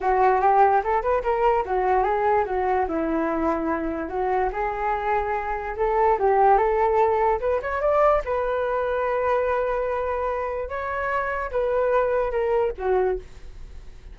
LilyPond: \new Staff \with { instrumentName = "flute" } { \time 4/4 \tempo 4 = 146 fis'4 g'4 a'8 b'8 ais'4 | fis'4 gis'4 fis'4 e'4~ | e'2 fis'4 gis'4~ | gis'2 a'4 g'4 |
a'2 b'8 cis''8 d''4 | b'1~ | b'2 cis''2 | b'2 ais'4 fis'4 | }